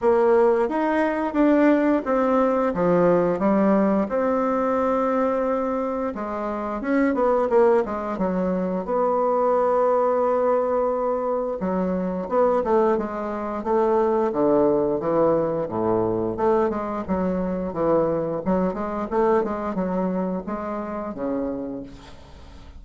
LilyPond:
\new Staff \with { instrumentName = "bassoon" } { \time 4/4 \tempo 4 = 88 ais4 dis'4 d'4 c'4 | f4 g4 c'2~ | c'4 gis4 cis'8 b8 ais8 gis8 | fis4 b2.~ |
b4 fis4 b8 a8 gis4 | a4 d4 e4 a,4 | a8 gis8 fis4 e4 fis8 gis8 | a8 gis8 fis4 gis4 cis4 | }